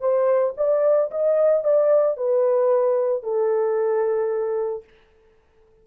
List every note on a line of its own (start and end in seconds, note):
0.00 0.54 C5
0.57 1.11 D5
1.11 1.64 D#5
1.64 2.17 D5
2.17 3.23 B4
3.23 4.84 A4